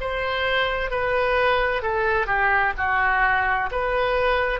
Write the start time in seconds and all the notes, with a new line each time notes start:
0.00 C5
0.91 B4
1.82 A4
2.27 G4
2.77 F#4
3.71 B4